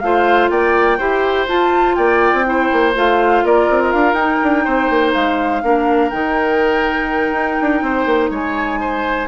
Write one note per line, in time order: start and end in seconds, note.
0.00 0.50 A3
0.00 0.99 F4
0.00 0.51 C5
0.00 0.49 F5
0.50 0.99 A#3
0.50 0.98 D5
0.50 1.48 G5
0.98 1.48 E4
0.98 1.47 G4
0.98 1.96 C5
1.47 2.44 F4
1.47 1.97 F4
1.47 1.95 A5
1.95 2.33 A#3
1.95 2.46 D5
1.95 2.93 G5
2.33 2.70 C4
2.44 2.93 E4
2.44 3.45 C5
2.73 2.95 A#3
2.95 3.44 A3
2.95 4.17 F4
2.95 3.45 F5
3.44 3.69 A#3
3.44 4.65 A#4
3.44 3.82 D5
3.70 3.93 C4
3.82 3.92 D#5
3.92 4.13 D4
3.92 4.14 F5
4.13 4.37 D#4
4.13 5.62 D#4
4.13 5.12 G5
4.43 4.67 D4
4.65 4.90 C4
4.65 5.62 C5
4.90 5.14 A#3
5.13 5.63 G#3
5.13 6.10 F5
5.62 6.12 A#3
5.62 6.11 D4
5.62 7.84 A#4
6.10 7.32 D#3
6.10 9.28 D#4
6.10 8.30 G5
7.32 7.57 D#4
7.61 7.82 D4
7.82 8.06 C4
7.82 8.31 C5
8.06 8.30 A#3
8.30 9.28 G#3
8.30 8.79 C#5
8.30 9.28 G#5
8.80 9.28 C5